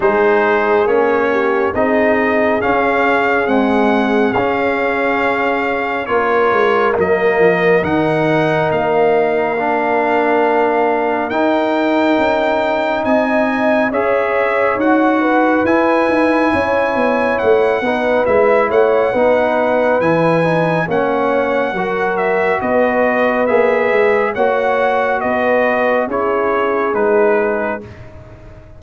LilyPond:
<<
  \new Staff \with { instrumentName = "trumpet" } { \time 4/4 \tempo 4 = 69 c''4 cis''4 dis''4 f''4 | fis''4 f''2 cis''4 | dis''4 fis''4 f''2~ | f''4 g''2 gis''4 |
e''4 fis''4 gis''2 | fis''4 e''8 fis''4. gis''4 | fis''4. e''8 dis''4 e''4 | fis''4 dis''4 cis''4 b'4 | }
  \new Staff \with { instrumentName = "horn" } { \time 4/4 gis'4. g'8 gis'2~ | gis'2. ais'4~ | ais'1~ | ais'2. dis''4 |
cis''4. b'4. cis''4~ | cis''8 b'4 cis''8 b'2 | cis''4 ais'4 b'2 | cis''4 b'4 gis'2 | }
  \new Staff \with { instrumentName = "trombone" } { \time 4/4 dis'4 cis'4 dis'4 cis'4 | gis4 cis'2 f'4 | ais4 dis'2 d'4~ | d'4 dis'2. |
gis'4 fis'4 e'2~ | e'8 dis'8 e'4 dis'4 e'8 dis'8 | cis'4 fis'2 gis'4 | fis'2 e'4 dis'4 | }
  \new Staff \with { instrumentName = "tuba" } { \time 4/4 gis4 ais4 c'4 cis'4 | c'4 cis'2 ais8 gis8 | fis8 f8 dis4 ais2~ | ais4 dis'4 cis'4 c'4 |
cis'4 dis'4 e'8 dis'8 cis'8 b8 | a8 b8 gis8 a8 b4 e4 | ais4 fis4 b4 ais8 gis8 | ais4 b4 cis'4 gis4 | }
>>